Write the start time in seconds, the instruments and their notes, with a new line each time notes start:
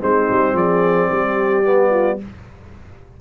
0.00 tuba G#3, trombone C4, horn D#4, trumpet C5
0.30 tuba G3
0.53 tuba F3, horn G#4, trumpet D5
1.11 tuba G3, horn G4
1.64 trombone B3
1.90 horn F4